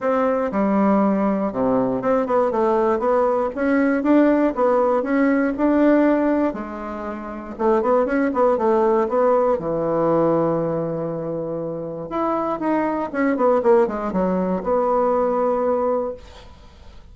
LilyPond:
\new Staff \with { instrumentName = "bassoon" } { \time 4/4 \tempo 4 = 119 c'4 g2 c4 | c'8 b8 a4 b4 cis'4 | d'4 b4 cis'4 d'4~ | d'4 gis2 a8 b8 |
cis'8 b8 a4 b4 e4~ | e1 | e'4 dis'4 cis'8 b8 ais8 gis8 | fis4 b2. | }